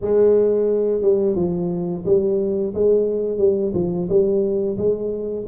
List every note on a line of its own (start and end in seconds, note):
0.01 1.01 G#3
1.01 1.35 G3
1.35 2.04 F3
2.05 2.73 G3
2.74 3.38 G#3
3.38 3.72 G3
3.74 4.08 F3
4.09 4.77 G3
4.77 5.45 G#3